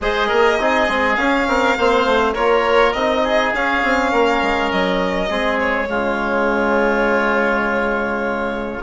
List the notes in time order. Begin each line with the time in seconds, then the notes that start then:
0.00 G#3 G#4 C5 D#5
0.27 A#3 A#4
0.59 C4 D#4 G#4
0.88 G#3 C4
1.15 C#4 F5
1.47 C4 A#4
1.77 A#3 C4 C5
2.05 A3
2.33 A#3 F4 A#4 C#5
2.93 C4 D#4 D#5
3.23 G#4
3.53 C#4 F5
3.83 C4
4.11 A#3 A#4
4.41 G#3
4.71 F#3 D#5
5.29 G#3 C4 G#4
5.59 C#5
5.87 C#3 G#3 F4